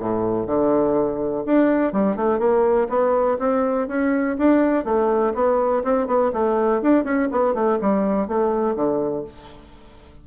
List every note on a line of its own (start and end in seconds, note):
0.00 0.47 A2
0.47 1.44 D3
1.46 1.93 D4
1.93 2.16 G3
2.16 2.39 A3
2.39 2.88 A#3
2.89 3.38 B3
3.39 3.88 C4
3.88 4.37 C#4
4.38 4.85 D4
4.85 5.33 A3
5.34 5.83 B3
5.84 6.07 C4
6.07 6.31 B3
6.33 6.82 A3
6.82 7.04 D4
7.04 7.29 C#4
7.32 7.54 B3
7.54 7.78 A3
7.81 8.28 G3
8.28 8.75 A3
8.75 9.24 D3